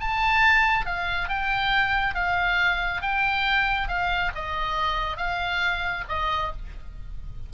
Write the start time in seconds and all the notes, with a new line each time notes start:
0.00 A5
0.85 F5
1.28 G5
2.14 F5
3.02 G5
3.88 F5
4.35 D#5
5.17 F5
6.08 D#5